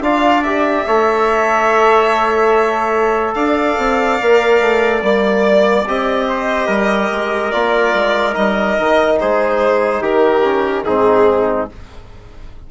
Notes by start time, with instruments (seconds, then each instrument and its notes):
0.00 bassoon D4, trombone F4, trumpet D5, violin F5
0.43 trombone G4, violin E5
0.86 bassoon A3, trombone A4, trumpet C#5
3.34 bassoon D4, trumpet D5, violin F5
3.77 bassoon C4
4.21 bassoon A#3, trombone A#4
4.60 bassoon A3
5.00 bassoon G3, trombone A#3, violin D5
5.87 bassoon C4, trombone G4, violin D#5
6.29 trumpet C5
6.66 bassoon G3, trumpet A#4
7.11 bassoon G#3
7.51 bassoon A#3, trombone F4, violin D5
7.94 bassoon G#3
8.33 bassoon G3, trombone D#4, violin D#5
8.79 bassoon D#3
9.19 bassoon G#3, trumpet G#4, violin C5
10.01 bassoon D#3, trumpet G4, violin A#4
10.43 trombone C#4
10.83 bassoon G#2, trombone C4, trumpet D#4, violin G#4